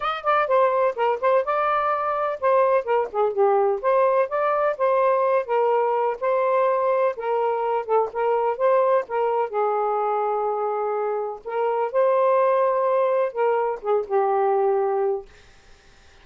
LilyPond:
\new Staff \with { instrumentName = "saxophone" } { \time 4/4 \tempo 4 = 126 dis''8 d''8 c''4 ais'8 c''8 d''4~ | d''4 c''4 ais'8 gis'8 g'4 | c''4 d''4 c''4. ais'8~ | ais'4 c''2 ais'4~ |
ais'8 a'8 ais'4 c''4 ais'4 | gis'1 | ais'4 c''2. | ais'4 gis'8 g'2~ g'8 | }